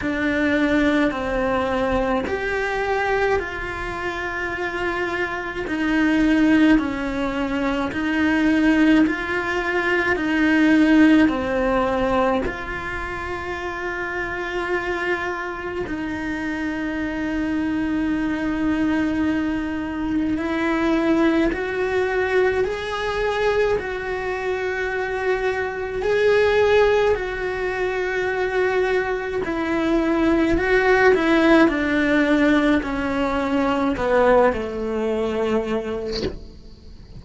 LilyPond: \new Staff \with { instrumentName = "cello" } { \time 4/4 \tempo 4 = 53 d'4 c'4 g'4 f'4~ | f'4 dis'4 cis'4 dis'4 | f'4 dis'4 c'4 f'4~ | f'2 dis'2~ |
dis'2 e'4 fis'4 | gis'4 fis'2 gis'4 | fis'2 e'4 fis'8 e'8 | d'4 cis'4 b8 a4. | }